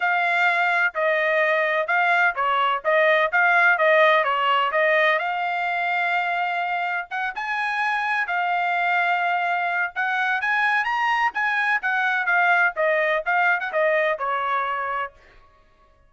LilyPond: \new Staff \with { instrumentName = "trumpet" } { \time 4/4 \tempo 4 = 127 f''2 dis''2 | f''4 cis''4 dis''4 f''4 | dis''4 cis''4 dis''4 f''4~ | f''2. fis''8 gis''8~ |
gis''4. f''2~ f''8~ | f''4 fis''4 gis''4 ais''4 | gis''4 fis''4 f''4 dis''4 | f''8. fis''16 dis''4 cis''2 | }